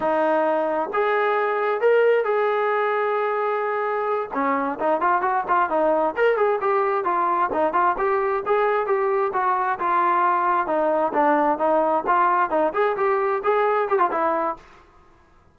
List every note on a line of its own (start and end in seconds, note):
0.00 0.89 D#4
0.93 1.80 G#4
1.80 2.24 A#4
2.24 4.29 G#4
4.33 4.79 C#4
4.79 5.00 D#4
5.00 5.21 F4
5.21 5.44 F#4
5.48 5.69 F4
5.69 6.14 D#4
6.16 6.36 A#4
6.36 6.59 G#4
6.61 7.04 G4
7.04 7.50 F4
7.52 7.73 D#4
7.73 7.96 F4
7.98 8.43 G4
8.45 8.86 G#4
8.86 9.32 G4
9.33 9.78 F#4
9.79 10.66 F4
10.66 11.12 D#4
11.13 11.58 D4
11.58 12.04 D#4
12.06 12.50 F4
12.50 12.72 D#4
12.73 12.96 G#4
12.97 13.42 G4
13.43 13.88 G#4
13.88 13.99 G4
13.99 14.10 F4
14.11 14.56 E4